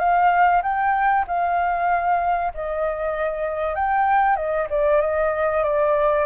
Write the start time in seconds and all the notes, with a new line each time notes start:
0.00 F5
0.63 G5
1.28 F5
2.55 D#5
3.76 G5
4.37 D#5
4.70 D5
5.01 D#5
5.64 D5